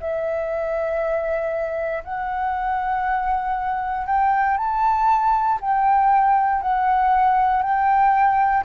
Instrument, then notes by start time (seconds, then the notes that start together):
flute
0.00 E5
2.03 F#5
4.06 G5
4.57 A5
5.60 G5
6.61 F#5
7.62 G5